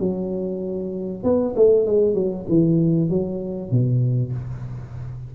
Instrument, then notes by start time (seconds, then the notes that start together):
tuba
0.00 F#3
1.24 B3
1.56 A3
1.87 G#3
2.15 F#3
2.49 E3
3.10 F#3
3.71 B2